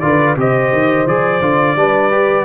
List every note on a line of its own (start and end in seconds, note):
0.00 0.36 D3
0.00 0.37 F4
0.00 0.38 B4
0.00 0.35 D5
0.36 0.71 C3
0.36 1.07 G4
0.36 1.78 C5
0.36 1.07 D#5
0.72 1.06 D#3
1.06 1.41 F3
1.06 1.42 G#4
1.06 2.45 D5
1.41 1.76 D3
1.41 1.77 F4
1.76 2.45 G3
1.76 2.11 D4
1.76 2.45 B4
2.11 2.45 G4